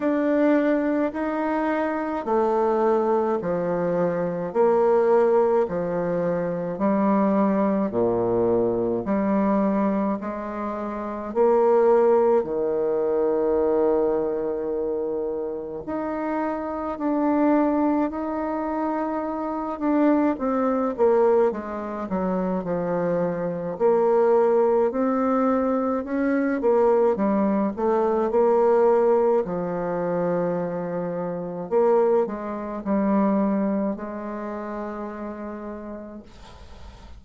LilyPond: \new Staff \with { instrumentName = "bassoon" } { \time 4/4 \tempo 4 = 53 d'4 dis'4 a4 f4 | ais4 f4 g4 ais,4 | g4 gis4 ais4 dis4~ | dis2 dis'4 d'4 |
dis'4. d'8 c'8 ais8 gis8 fis8 | f4 ais4 c'4 cis'8 ais8 | g8 a8 ais4 f2 | ais8 gis8 g4 gis2 | }